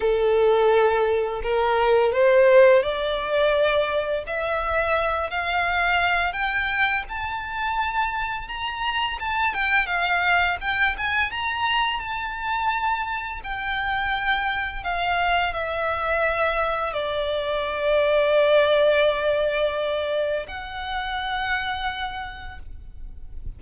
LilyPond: \new Staff \with { instrumentName = "violin" } { \time 4/4 \tempo 4 = 85 a'2 ais'4 c''4 | d''2 e''4. f''8~ | f''4 g''4 a''2 | ais''4 a''8 g''8 f''4 g''8 gis''8 |
ais''4 a''2 g''4~ | g''4 f''4 e''2 | d''1~ | d''4 fis''2. | }